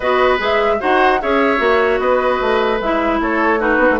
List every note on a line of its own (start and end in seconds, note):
0.00 0.39 B3
0.00 0.38 F#4
0.00 0.76 B4
0.00 0.39 D#5
0.38 0.80 G#3
0.38 0.78 G#4
0.38 0.81 E5
0.79 1.22 D#4
0.79 1.19 F#4
0.79 1.20 C5
0.79 1.21 F#5
1.21 1.59 C#4
1.21 1.58 G#4
1.21 2.00 C#5
1.21 1.99 E5
1.58 1.99 A#3
1.58 2.78 F#4
1.99 2.39 B3
1.99 3.20 B4
1.99 2.79 D#5
2.41 2.80 A3
2.80 3.20 G#3
2.80 3.58 E4
2.80 3.21 E5
3.20 3.78 A3
3.20 3.59 A4
3.20 3.60 C#5
3.58 3.98 D#4
3.58 3.99 F#4
3.58 4.00 B4
3.78 3.88 B3
3.90 4.00 A3